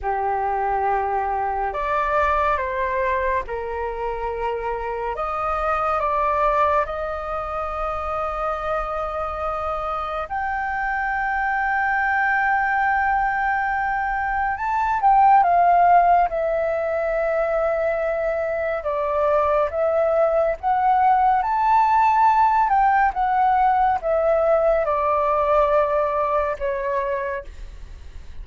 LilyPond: \new Staff \with { instrumentName = "flute" } { \time 4/4 \tempo 4 = 70 g'2 d''4 c''4 | ais'2 dis''4 d''4 | dis''1 | g''1~ |
g''4 a''8 g''8 f''4 e''4~ | e''2 d''4 e''4 | fis''4 a''4. g''8 fis''4 | e''4 d''2 cis''4 | }